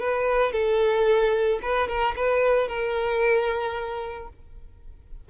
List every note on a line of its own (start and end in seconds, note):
0.00 0.53 B4
0.53 1.60 A4
1.62 1.88 B4
1.88 2.15 A#4
2.16 2.68 B4
2.68 4.29 A#4